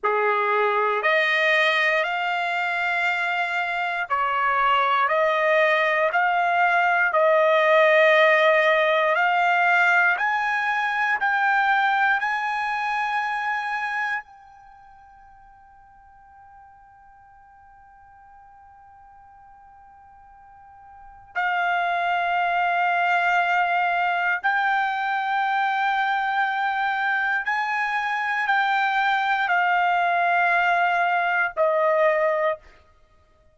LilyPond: \new Staff \with { instrumentName = "trumpet" } { \time 4/4 \tempo 4 = 59 gis'4 dis''4 f''2 | cis''4 dis''4 f''4 dis''4~ | dis''4 f''4 gis''4 g''4 | gis''2 g''2~ |
g''1~ | g''4 f''2. | g''2. gis''4 | g''4 f''2 dis''4 | }